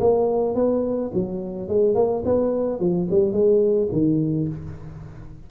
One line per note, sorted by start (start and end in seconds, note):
0.00 0.55 A#3
0.55 1.11 B3
1.14 1.68 F#3
1.68 1.95 G#3
1.95 2.23 A#3
2.25 2.79 B3
2.79 3.07 F3
3.10 3.32 G3
3.32 3.88 G#3
3.92 4.48 D#3